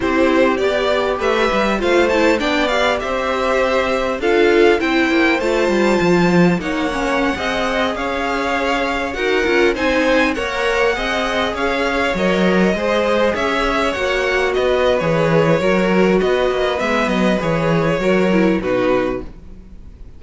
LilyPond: <<
  \new Staff \with { instrumentName = "violin" } { \time 4/4 \tempo 4 = 100 c''4 d''4 e''4 f''8 a''8 | g''8 f''8 e''2 f''4 | g''4 a''2 fis''4~ | fis''4~ fis''16 f''2 fis''8.~ |
fis''16 gis''4 fis''2 f''8.~ | f''16 dis''2 e''4 fis''8.~ | fis''16 dis''8. cis''2 dis''4 | e''8 dis''8 cis''2 b'4 | }
  \new Staff \with { instrumentName = "violin" } { \time 4/4 g'2 b'4 c''4 | d''4 c''2 a'4 | c''2. cis''4~ | cis''16 dis''4 cis''2 ais'8.~ |
ais'16 c''4 cis''4 dis''4 cis''8.~ | cis''4~ cis''16 c''4 cis''4.~ cis''16~ | cis''16 b'4.~ b'16 ais'4 b'4~ | b'2 ais'4 fis'4 | }
  \new Staff \with { instrumentName = "viola" } { \time 4/4 e'4 g'2 f'8 e'8 | d'8 g'2~ g'8 f'4 | e'4 f'2 dis'8 cis'8~ | cis'16 gis'2. fis'8 f'16~ |
f'16 dis'4 ais'4 gis'4.~ gis'16~ | gis'16 ais'4 gis'2 fis'8.~ | fis'4 gis'4 fis'2 | b4 gis'4 fis'8 e'8 dis'4 | }
  \new Staff \with { instrumentName = "cello" } { \time 4/4 c'4 b4 a8 g8 a4 | b4 c'2 d'4 | c'8 ais8 a8 g8 f4 ais4~ | ais16 c'4 cis'2 dis'8 cis'16~ |
cis'16 c'4 ais4 c'4 cis'8.~ | cis'16 fis4 gis4 cis'4 ais8.~ | ais16 b8. e4 fis4 b8 ais8 | gis8 fis8 e4 fis4 b,4 | }
>>